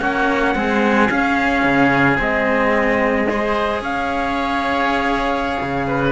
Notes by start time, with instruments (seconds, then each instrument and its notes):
0.00 cello A#3 C#4, oboe F#4, trumpet F#5
0.55 cello G#3 C4, oboe G#4
1.11 cello C#4, trumpet F5
1.64 cello C#3
2.18 cello G#3 C4, trumpet D#5
3.29 cello G#4, oboe C5
3.81 cello C#4, oboe C#5, trumpet F5
5.62 cello C#3
5.88 oboe B4